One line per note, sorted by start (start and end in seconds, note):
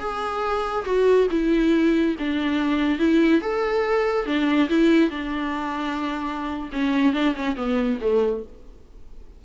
0.00 0.85 G#4
0.85 1.28 F#4
1.31 2.16 E4
2.19 2.99 D4
2.99 3.42 E4
3.42 4.27 A4
4.27 4.69 D4
4.70 5.11 E4
5.11 6.70 D4
6.73 7.14 C#4
7.14 7.35 D4
7.36 7.56 C#4
7.56 7.99 B3
8.01 8.44 A3